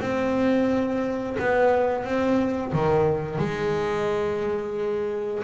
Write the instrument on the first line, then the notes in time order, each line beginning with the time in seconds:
double bass
0.00 C4
1.39 B3
2.04 C4
2.72 D#3
3.38 G#3